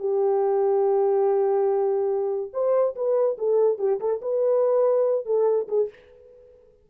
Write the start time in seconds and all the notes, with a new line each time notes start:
0.00 G4
2.54 C5
2.96 B4
3.39 A4
3.79 G4
4.00 A4
4.22 B4
5.26 A4
5.69 G#4